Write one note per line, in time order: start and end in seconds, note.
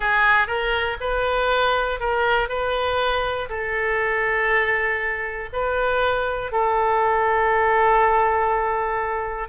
0.00 0.47 G#4
0.47 0.97 A#4
1.00 2.00 B4
2.00 2.48 A#4
2.48 3.48 B4
3.49 5.49 A4
5.52 6.52 B4
6.52 9.48 A4